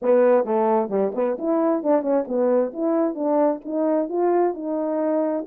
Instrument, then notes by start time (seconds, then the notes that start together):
horn
0.02 B3
0.44 A3
0.89 G3
1.14 B3
1.38 E4
1.83 D4
2.01 C#4
2.27 B3
2.73 E4
3.14 D4
3.64 D#4
4.08 F4
4.54 D#4